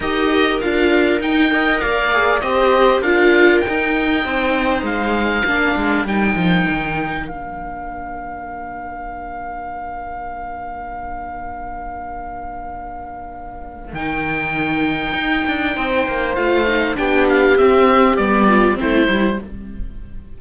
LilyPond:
<<
  \new Staff \with { instrumentName = "oboe" } { \time 4/4 \tempo 4 = 99 dis''4 f''4 g''4 f''4 | dis''4 f''4 g''2 | f''2 g''2 | f''1~ |
f''1~ | f''2. g''4~ | g''2. f''4 | g''8 f''8 e''4 d''4 c''4 | }
  \new Staff \with { instrumentName = "viola" } { \time 4/4 ais'2~ ais'8 dis''8 d''4 | c''4 ais'2 c''4~ | c''4 ais'2.~ | ais'1~ |
ais'1~ | ais'1~ | ais'2 c''2 | g'2~ g'8 f'8 e'4 | }
  \new Staff \with { instrumentName = "viola" } { \time 4/4 g'4 f'4 dis'8 ais'4 gis'8 | g'4 f'4 dis'2~ | dis'4 d'4 dis'2 | d'1~ |
d'1~ | d'2. dis'4~ | dis'2. f'8 dis'8 | d'4 c'4 b4 c'8 e'8 | }
  \new Staff \with { instrumentName = "cello" } { \time 4/4 dis'4 d'4 dis'4 ais4 | c'4 d'4 dis'4 c'4 | gis4 ais8 gis8 g8 f8 dis4 | ais1~ |
ais1~ | ais2. dis4~ | dis4 dis'8 d'8 c'8 ais8 a4 | b4 c'4 g4 a8 g8 | }
>>